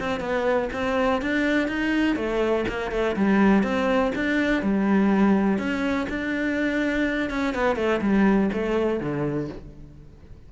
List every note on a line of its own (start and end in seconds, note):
0.00 0.20 C4
0.20 0.69 B3
0.73 1.22 C4
1.22 1.68 D4
1.68 2.16 D#4
2.16 2.65 A3
2.69 2.92 A#3
2.92 3.16 A3
3.16 3.63 G3
3.63 4.12 C4
4.16 4.63 D4
4.63 5.59 G3
5.59 6.07 C#4
6.10 7.30 D4
7.30 7.55 C#4
7.55 7.76 B3
7.76 8.01 A3
8.01 8.50 G3
8.53 9.00 A3
9.00 9.49 D3